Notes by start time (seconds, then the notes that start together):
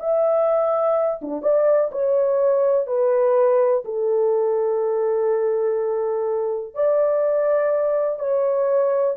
0.00 E5
1.22 D4
1.42 D5
1.92 C#5
2.87 B4
3.85 A4
6.75 D5
8.20 C#5